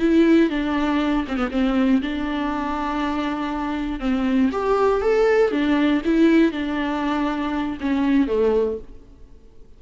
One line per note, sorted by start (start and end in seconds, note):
0.00 0.50 E4
0.50 1.26 D4
1.28 1.37 C4
1.37 1.49 B3
1.51 2.02 C4
2.02 4.00 D4
4.00 4.51 C4
4.52 5.02 G4
5.02 5.52 A4
5.52 6.02 D4
6.05 6.52 E4
6.52 7.78 D4
7.81 8.28 C#4
8.28 8.78 A3